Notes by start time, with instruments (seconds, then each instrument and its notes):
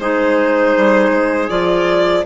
0.00 bassoon G#3, clarinet D#4, trumpet G#4, violin C5
0.77 bassoon G3
1.11 bassoon G#3
1.49 bassoon F3, clarinet F4, violin D5